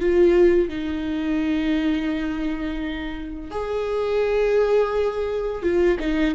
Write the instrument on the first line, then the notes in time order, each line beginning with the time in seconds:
viola
0.00 F4
0.69 D#4
3.51 G#4
5.62 F4
6.00 D#4